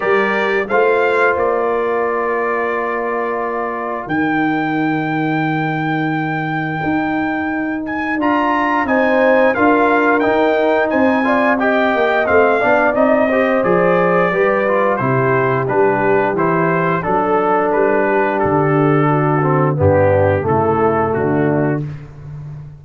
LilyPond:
<<
  \new Staff \with { instrumentName = "trumpet" } { \time 4/4 \tempo 4 = 88 d''4 f''4 d''2~ | d''2 g''2~ | g''2.~ g''8 gis''8 | ais''4 gis''4 f''4 g''4 |
gis''4 g''4 f''4 dis''4 | d''2 c''4 b'4 | c''4 a'4 b'4 a'4~ | a'4 g'4 a'4 fis'4 | }
  \new Staff \with { instrumentName = "horn" } { \time 4/4 ais'4 c''4. ais'4.~ | ais'1~ | ais'1~ | ais'4 c''4 ais'2 |
c''8 d''8 dis''4. d''4 c''8~ | c''4 b'4 g'2~ | g'4 a'4. g'4. | fis'4 d'4 e'4 d'4 | }
  \new Staff \with { instrumentName = "trombone" } { \time 4/4 g'4 f'2.~ | f'2 dis'2~ | dis'1 | f'4 dis'4 f'4 dis'4~ |
dis'8 f'8 g'4 c'8 d'8 dis'8 g'8 | gis'4 g'8 f'8 e'4 d'4 | e'4 d'2.~ | d'8 c'8 b4 a2 | }
  \new Staff \with { instrumentName = "tuba" } { \time 4/4 g4 a4 ais2~ | ais2 dis2~ | dis2 dis'2 | d'4 c'4 d'4 dis'4 |
c'4. ais8 a8 b8 c'4 | f4 g4 c4 g4 | e4 fis4 g4 d4~ | d4 g,4 cis4 d4 | }
>>